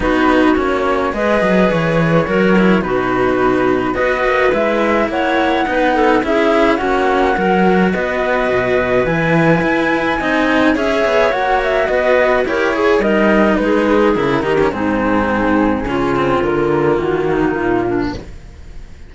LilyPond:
<<
  \new Staff \with { instrumentName = "flute" } { \time 4/4 \tempo 4 = 106 b'4 cis''4 dis''4 cis''4~ | cis''4 b'2 dis''4 | e''4 fis''2 e''4 | fis''2 dis''2 |
gis''2. e''4 | fis''8 e''8 dis''4 cis''4 dis''4 | b'4 ais'4 gis'2~ | gis'4 ais'4 fis'4 f'4 | }
  \new Staff \with { instrumentName = "clarinet" } { \time 4/4 fis'2 b'2 | ais'4 fis'2 b'4~ | b'4 cis''4 b'8 a'8 gis'4 | fis'4 ais'4 b'2~ |
b'2 dis''4 cis''4~ | cis''4 b'4 ais'8 gis'8 ais'4 | gis'4. g'8 dis'2 | f'2~ f'8 dis'4 d'8 | }
  \new Staff \with { instrumentName = "cello" } { \time 4/4 dis'4 cis'4 gis'2 | fis'8 e'8 dis'2 fis'4 | e'2 dis'4 e'4 | cis'4 fis'2. |
e'2 dis'4 gis'4 | fis'2 g'8 gis'8 dis'4~ | dis'4 e'8 dis'16 cis'16 c'2 | cis'8 c'8 ais2. | }
  \new Staff \with { instrumentName = "cello" } { \time 4/4 b4 ais4 gis8 fis8 e4 | fis4 b,2 b8 ais8 | gis4 ais4 b4 cis'4 | ais4 fis4 b4 b,4 |
e4 e'4 c'4 cis'8 b8 | ais4 b4 e'4 g4 | gis4 cis8 dis8 gis,2 | cis4 d4 dis4 ais,4 | }
>>